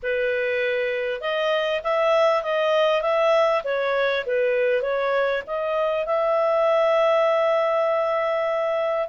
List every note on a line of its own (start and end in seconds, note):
0.02 1.20 B4
1.20 1.81 D#5
1.83 2.42 E5
2.42 3.01 D#5
3.01 3.62 E5
3.64 4.24 C#5
4.26 4.82 B4
4.82 5.42 C#5
5.46 6.06 D#5
6.06 9.08 E5